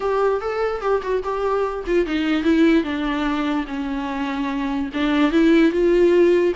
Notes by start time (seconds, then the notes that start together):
0.00 G4
0.40 A4
0.81 G4
1.02 F#4
1.23 G4
1.86 F4
2.06 D#4
2.43 E4
2.83 D4
3.67 C#4
4.93 D4
5.31 E4
5.71 F4